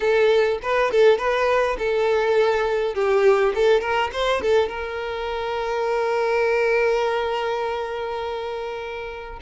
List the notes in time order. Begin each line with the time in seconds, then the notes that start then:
0.00 A4
0.62 B4
0.91 A4
1.18 B4
1.78 A4
2.94 G4
3.54 A4
3.80 A#4
4.13 C5
4.41 A4
4.68 A#4